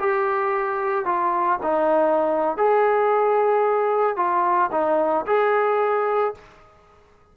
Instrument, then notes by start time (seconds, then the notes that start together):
trombone
0.00 G4
1.06 F4
1.63 D#4
2.58 G#4
4.17 F4
4.72 D#4
5.27 G#4